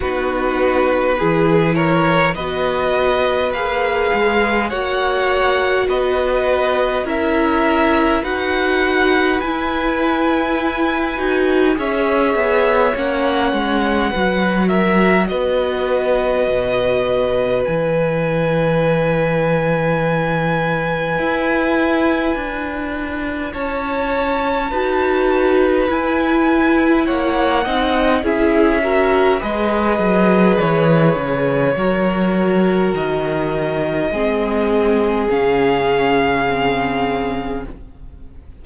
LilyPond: <<
  \new Staff \with { instrumentName = "violin" } { \time 4/4 \tempo 4 = 51 b'4. cis''8 dis''4 f''4 | fis''4 dis''4 e''4 fis''4 | gis''2 e''4 fis''4~ | fis''8 e''8 dis''2 gis''4~ |
gis''1 | a''2 gis''4 fis''4 | e''4 dis''4 cis''2 | dis''2 f''2 | }
  \new Staff \with { instrumentName = "violin" } { \time 4/4 fis'4 gis'8 ais'8 b'2 | cis''4 b'4 ais'4 b'4~ | b'2 cis''2 | b'8 ais'8 b'2.~ |
b'1 | cis''4 b'2 cis''8 dis''8 | gis'8 ais'8 b'2 ais'4~ | ais'4 gis'2. | }
  \new Staff \with { instrumentName = "viola" } { \time 4/4 dis'4 e'4 fis'4 gis'4 | fis'2 e'4 fis'4 | e'4. fis'8 gis'4 cis'4 | fis'2. e'4~ |
e'1~ | e'4 fis'4 e'4. dis'8 | e'8 fis'8 gis'2 fis'4~ | fis'4 c'4 cis'4 c'4 | }
  \new Staff \with { instrumentName = "cello" } { \time 4/4 b4 e4 b4 ais8 gis8 | ais4 b4 cis'4 dis'4 | e'4. dis'8 cis'8 b8 ais8 gis8 | fis4 b4 b,4 e4~ |
e2 e'4 d'4 | cis'4 dis'4 e'4 ais8 c'8 | cis'4 gis8 fis8 e8 cis8 fis4 | dis4 gis4 cis2 | }
>>